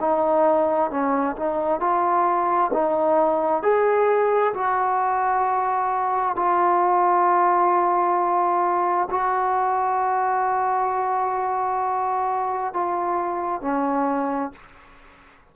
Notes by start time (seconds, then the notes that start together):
0.00 D#4
0.90 C#4
1.36 D#4
1.80 F4
2.73 D#4
3.62 G#4
4.54 F#4
6.36 F4
9.10 F#4
12.74 F4
13.61 C#4